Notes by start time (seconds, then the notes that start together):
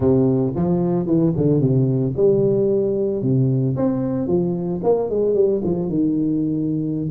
0.00 C3
0.55 F3
1.06 E3
1.37 D3
1.60 C3
2.16 G3
3.22 C3
3.76 C4
4.27 F3
4.83 A#3
5.09 G#3
5.34 G3
5.64 F3
5.89 D#3